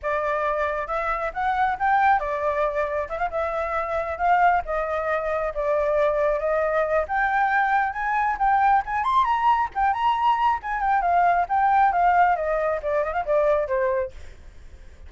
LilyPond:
\new Staff \with { instrumentName = "flute" } { \time 4/4 \tempo 4 = 136 d''2 e''4 fis''4 | g''4 d''2 e''16 f''16 e''8~ | e''4. f''4 dis''4.~ | dis''8 d''2 dis''4. |
g''2 gis''4 g''4 | gis''8 c'''8 ais''4 g''8 ais''4. | gis''8 g''8 f''4 g''4 f''4 | dis''4 d''8 dis''16 f''16 d''4 c''4 | }